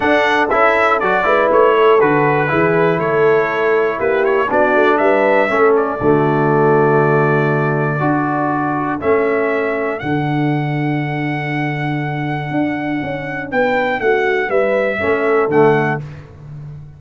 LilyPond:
<<
  \new Staff \with { instrumentName = "trumpet" } { \time 4/4 \tempo 4 = 120 fis''4 e''4 d''4 cis''4 | b'2 cis''2 | b'8 cis''8 d''4 e''4. d''8~ | d''1~ |
d''2 e''2 | fis''1~ | fis''2. g''4 | fis''4 e''2 fis''4 | }
  \new Staff \with { instrumentName = "horn" } { \time 4/4 a'2~ a'8 b'4 a'8~ | a'4 gis'4 a'2 | g'4 fis'4 b'4 a'4 | fis'1 |
a'1~ | a'1~ | a'2. b'4 | fis'4 b'4 a'2 | }
  \new Staff \with { instrumentName = "trombone" } { \time 4/4 d'4 e'4 fis'8 e'4. | fis'4 e'2.~ | e'4 d'2 cis'4 | a1 |
fis'2 cis'2 | d'1~ | d'1~ | d'2 cis'4 a4 | }
  \new Staff \with { instrumentName = "tuba" } { \time 4/4 d'4 cis'4 fis8 gis8 a4 | d4 e4 a2 | ais4 b8 a8 g4 a4 | d1 |
d'2 a2 | d1~ | d4 d'4 cis'4 b4 | a4 g4 a4 d4 | }
>>